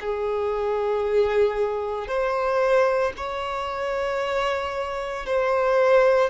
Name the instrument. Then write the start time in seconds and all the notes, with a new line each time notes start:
violin
0.00 G#4
2.07 C5
3.17 C#5
5.25 C5